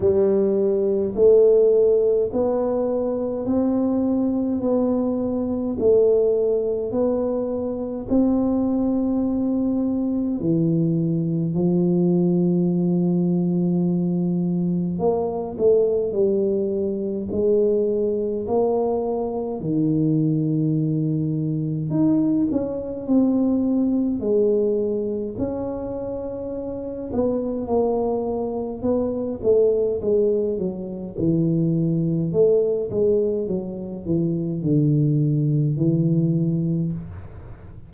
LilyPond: \new Staff \with { instrumentName = "tuba" } { \time 4/4 \tempo 4 = 52 g4 a4 b4 c'4 | b4 a4 b4 c'4~ | c'4 e4 f2~ | f4 ais8 a8 g4 gis4 |
ais4 dis2 dis'8 cis'8 | c'4 gis4 cis'4. b8 | ais4 b8 a8 gis8 fis8 e4 | a8 gis8 fis8 e8 d4 e4 | }